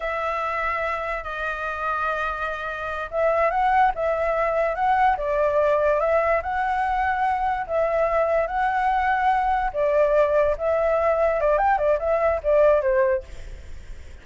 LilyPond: \new Staff \with { instrumentName = "flute" } { \time 4/4 \tempo 4 = 145 e''2. dis''4~ | dis''2.~ dis''8 e''8~ | e''8 fis''4 e''2 fis''8~ | fis''8 d''2 e''4 fis''8~ |
fis''2~ fis''8 e''4.~ | e''8 fis''2. d''8~ | d''4. e''2 d''8 | g''8 d''8 e''4 d''4 c''4 | }